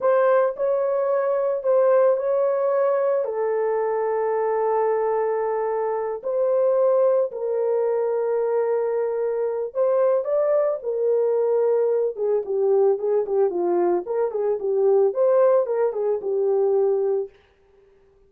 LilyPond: \new Staff \with { instrumentName = "horn" } { \time 4/4 \tempo 4 = 111 c''4 cis''2 c''4 | cis''2 a'2~ | a'2.~ a'8 c''8~ | c''4. ais'2~ ais'8~ |
ais'2 c''4 d''4 | ais'2~ ais'8 gis'8 g'4 | gis'8 g'8 f'4 ais'8 gis'8 g'4 | c''4 ais'8 gis'8 g'2 | }